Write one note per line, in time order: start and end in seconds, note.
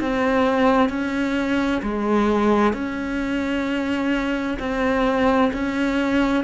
0.00 0.89 C4
0.89 1.82 C#4
1.83 2.73 G#3
2.73 4.58 C#4
4.59 5.51 C4
5.53 6.44 C#4